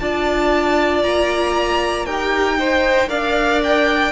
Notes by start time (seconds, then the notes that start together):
0.00 D4 F4 D5 A5
1.04 A#3 A#5
2.06 D#4 G4 A#4 G5
2.59 D#4 C5
3.09 D4 A#4 D5 F5
3.64 G5